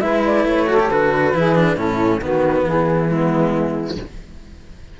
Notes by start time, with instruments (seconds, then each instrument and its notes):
0.00 cello G#3 E4, saxophone B4, flute E5
0.25 flute D5
0.45 cello A3, flute C#5
0.66 cello F#4, saxophone A4
0.80 cello G4
0.90 cello D3 F#4, flute B4
1.33 cello E3 E4, saxophone G#4
1.55 cello D4
1.76 cello A2 C#4, saxophone E4, flute A4
2.20 cello D#3 B3, saxophone F#4, flute B4
2.63 cello E3, saxophone E4, flute G#4
3.09 cello G#3, saxophone B3, flute E4